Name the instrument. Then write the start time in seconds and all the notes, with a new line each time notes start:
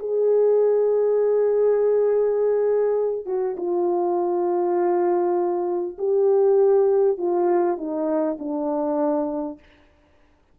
horn
0.00 G#4
3.26 F#4
3.57 F4
5.98 G4
7.18 F4
7.78 D#4
8.39 D4